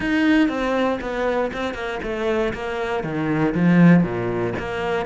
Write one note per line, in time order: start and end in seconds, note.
0.00 0.48 D#4
0.48 0.99 C4
1.00 1.51 B3
1.53 1.74 C4
1.74 1.99 A#3
2.03 2.53 A3
2.53 3.03 A#3
3.03 3.54 D#3
3.54 4.03 F3
4.03 4.53 A#2
4.59 5.06 A#3